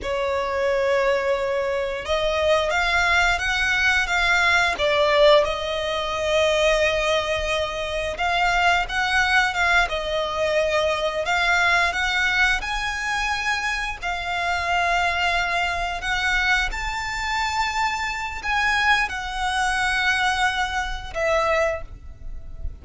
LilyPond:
\new Staff \with { instrumentName = "violin" } { \time 4/4 \tempo 4 = 88 cis''2. dis''4 | f''4 fis''4 f''4 d''4 | dis''1 | f''4 fis''4 f''8 dis''4.~ |
dis''8 f''4 fis''4 gis''4.~ | gis''8 f''2. fis''8~ | fis''8 a''2~ a''8 gis''4 | fis''2. e''4 | }